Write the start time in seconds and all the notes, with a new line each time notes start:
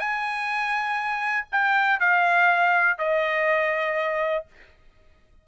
0.00 G#5
1.52 G5
2.00 F5
2.98 D#5